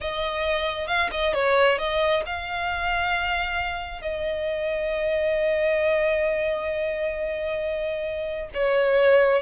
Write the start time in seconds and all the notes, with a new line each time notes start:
0.00 D#5
0.87 F5
1.11 D#5
1.33 C#5
1.78 D#5
2.26 F5
4.01 D#5
8.54 C#5